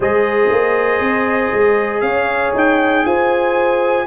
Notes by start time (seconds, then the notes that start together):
0.00 G#3 G#4 C5 D#5
0.50 A#3
1.00 C4
1.53 G#3
2.00 C#4 C#5 F5
2.54 D#4 G5
3.05 F4 C5 G#5